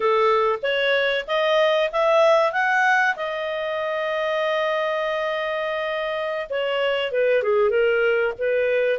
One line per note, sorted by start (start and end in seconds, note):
0.00 0.59 A4
0.62 1.25 C#5
1.27 1.90 D#5
1.91 2.52 E5
2.52 3.15 F#5
3.16 6.47 D#5
6.49 7.11 C#5
7.11 7.42 B4
7.42 7.70 G#4
7.70 8.33 A#4
8.38 8.99 B4